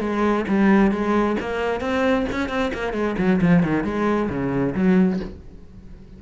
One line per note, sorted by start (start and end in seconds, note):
0.00 0.45 G#3
0.49 0.91 G3
0.91 1.37 G#3
1.41 1.81 A#3
1.81 2.26 C4
2.32 2.49 C#4
2.49 2.72 C4
2.74 2.93 A#3
2.93 3.16 G#3
3.18 3.41 F#3
3.42 3.63 F3
3.63 3.84 D#3
3.84 4.29 G#3
4.30 4.75 C#3
4.75 5.20 F#3